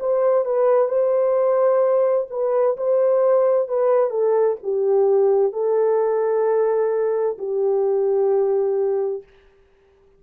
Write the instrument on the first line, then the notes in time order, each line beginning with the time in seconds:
horn
0.00 C5
0.45 B4
0.89 C5
2.30 B4
2.77 C5
3.68 B4
4.10 A4
4.63 G4
5.53 A4
7.38 G4